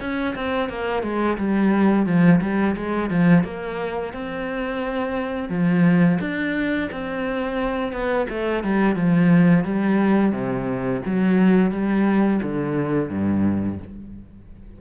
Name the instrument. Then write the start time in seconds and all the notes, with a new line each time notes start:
cello
0.00 C#4
0.35 C4
0.69 A#3
1.03 G#3
1.38 G3
2.06 F3
2.41 G3
2.76 G#3
3.10 F3
3.44 A#3
4.13 C4
5.49 F3
6.20 D4
6.91 C4
7.92 B3
8.29 A3
8.63 G3
8.95 F3
9.64 G3
10.32 C3
11.05 F#3
11.71 G3
12.42 D3
13.09 G2